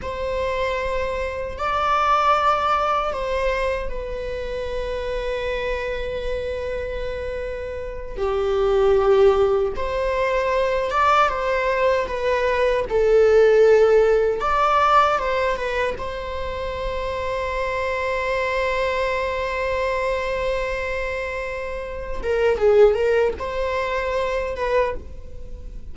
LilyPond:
\new Staff \with { instrumentName = "viola" } { \time 4/4 \tempo 4 = 77 c''2 d''2 | c''4 b'2.~ | b'2~ b'8 g'4.~ | g'8 c''4. d''8 c''4 b'8~ |
b'8 a'2 d''4 c''8 | b'8 c''2.~ c''8~ | c''1~ | c''8 ais'8 gis'8 ais'8 c''4. b'8 | }